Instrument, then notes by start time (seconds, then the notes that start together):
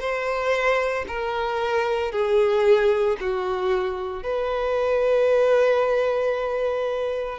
violin
0.00 C5
1.08 A#4
2.12 G#4
3.20 F#4
4.23 B4